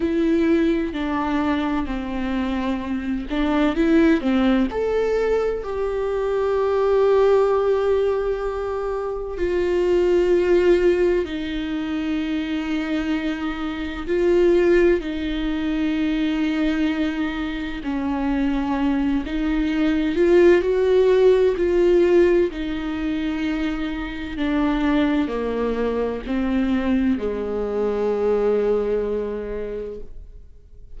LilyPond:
\new Staff \with { instrumentName = "viola" } { \time 4/4 \tempo 4 = 64 e'4 d'4 c'4. d'8 | e'8 c'8 a'4 g'2~ | g'2 f'2 | dis'2. f'4 |
dis'2. cis'4~ | cis'8 dis'4 f'8 fis'4 f'4 | dis'2 d'4 ais4 | c'4 gis2. | }